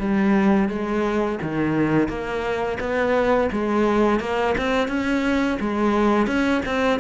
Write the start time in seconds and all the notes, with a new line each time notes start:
0.00 G3
0.69 G#3
1.43 D#3
2.09 A#3
2.80 B3
3.53 G#3
4.21 A#3
4.58 C4
4.89 C#4
5.60 G#3
6.27 C#4
6.66 C4